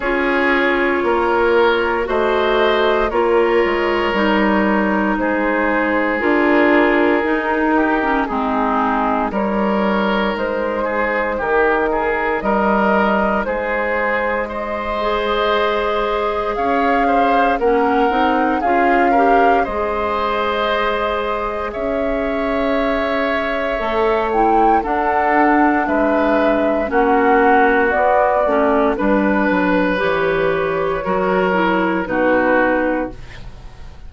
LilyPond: <<
  \new Staff \with { instrumentName = "flute" } { \time 4/4 \tempo 4 = 58 cis''2 dis''4 cis''4~ | cis''4 c''4 ais'2 | gis'4 cis''4 c''4 ais'4 | dis''4 c''4 dis''2 |
f''4 fis''4 f''4 dis''4~ | dis''4 e''2~ e''8 g''8 | fis''4 e''4 fis''4 d''4 | b'4 cis''2 b'4 | }
  \new Staff \with { instrumentName = "oboe" } { \time 4/4 gis'4 ais'4 c''4 ais'4~ | ais'4 gis'2~ gis'8 g'8 | dis'4 ais'4. gis'8 g'8 gis'8 | ais'4 gis'4 c''2 |
cis''8 c''8 ais'4 gis'8 ais'8 c''4~ | c''4 cis''2. | a'4 b'4 fis'2 | b'2 ais'4 fis'4 | }
  \new Staff \with { instrumentName = "clarinet" } { \time 4/4 f'2 fis'4 f'4 | dis'2 f'4 dis'8. cis'16 | c'4 dis'2.~ | dis'2~ dis'8 gis'4.~ |
gis'4 cis'8 dis'8 f'8 g'8 gis'4~ | gis'2. a'8 e'8 | d'2 cis'4 b8 cis'8 | d'4 g'4 fis'8 e'8 dis'4 | }
  \new Staff \with { instrumentName = "bassoon" } { \time 4/4 cis'4 ais4 a4 ais8 gis8 | g4 gis4 d'4 dis'4 | gis4 g4 gis4 dis4 | g4 gis2. |
cis'4 ais8 c'8 cis'4 gis4~ | gis4 cis'2 a4 | d'4 gis4 ais4 b8 a8 | g8 fis8 e4 fis4 b,4 | }
>>